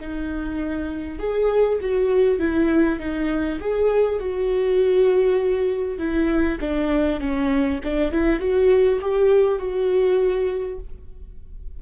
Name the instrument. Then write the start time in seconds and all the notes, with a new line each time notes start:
viola
0.00 D#4
1.19 G#4
1.81 F#4
2.39 E4
2.99 D#4
3.60 G#4
4.19 F#4
5.98 E4
6.60 D4
7.19 C#4
7.83 D4
8.11 E4
8.39 F#4
9.01 G4
9.58 F#4